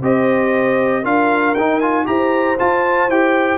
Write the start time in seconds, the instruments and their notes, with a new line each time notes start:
0.00 tuba C4, trombone G4, horn C5, trumpet D#5
1.01 tuba D4, trombone F4, horn A#4, trumpet F5
1.54 tuba D#4, trombone D#4, trumpet G5
1.80 trombone F4, trumpet G#5
2.05 tuba E4, trombone G4, horn C5, trumpet A#5
2.58 trombone F4, tuba F4, trumpet A5
3.08 tuba E4, trombone G4, trumpet G5